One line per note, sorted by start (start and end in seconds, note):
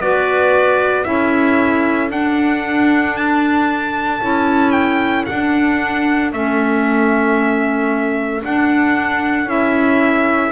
0.00 1.05 B3
0.00 1.04 F#4
0.00 1.06 B4
0.00 1.04 D5
1.04 2.10 C#4
1.04 2.09 E4
1.04 10.52 A4
1.04 2.09 E5
2.09 4.19 D4
2.09 4.21 D4
2.09 3.16 F#5
3.16 4.71 A5
4.21 5.26 C#4
4.21 5.27 E4
4.71 5.24 G5
5.25 6.32 D4
5.25 6.30 F#5
6.32 8.43 A3
6.32 8.42 C#4
6.32 8.43 E5
8.42 9.47 D4
8.42 9.46 D4
8.42 9.49 F#5
9.46 10.51 C#4
9.46 10.52 E4
9.46 10.52 E5